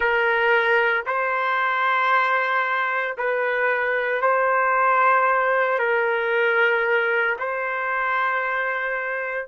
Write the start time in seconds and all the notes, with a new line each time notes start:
0.00 A#4
1.06 C5
3.17 B4
4.21 C5
5.78 A#4
7.39 C5